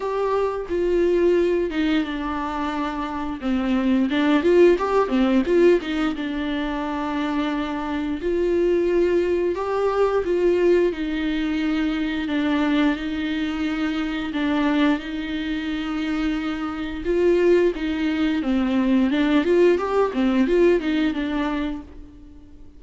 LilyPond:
\new Staff \with { instrumentName = "viola" } { \time 4/4 \tempo 4 = 88 g'4 f'4. dis'8 d'4~ | d'4 c'4 d'8 f'8 g'8 c'8 | f'8 dis'8 d'2. | f'2 g'4 f'4 |
dis'2 d'4 dis'4~ | dis'4 d'4 dis'2~ | dis'4 f'4 dis'4 c'4 | d'8 f'8 g'8 c'8 f'8 dis'8 d'4 | }